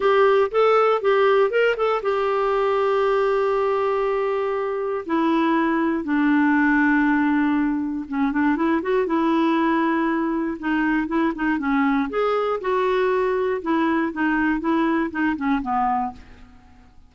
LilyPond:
\new Staff \with { instrumentName = "clarinet" } { \time 4/4 \tempo 4 = 119 g'4 a'4 g'4 ais'8 a'8 | g'1~ | g'2 e'2 | d'1 |
cis'8 d'8 e'8 fis'8 e'2~ | e'4 dis'4 e'8 dis'8 cis'4 | gis'4 fis'2 e'4 | dis'4 e'4 dis'8 cis'8 b4 | }